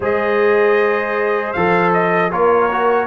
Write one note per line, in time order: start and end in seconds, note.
0.00 1.53 G#3
0.00 1.55 G#4
0.00 2.31 C5
0.00 1.52 D#5
1.52 2.31 F3
1.52 2.31 A4
1.52 1.91 F5
1.93 2.31 D#5
2.31 3.06 A#3
2.31 2.69 F4
2.31 3.06 A#4
2.31 3.06 C#5
2.71 3.06 F#4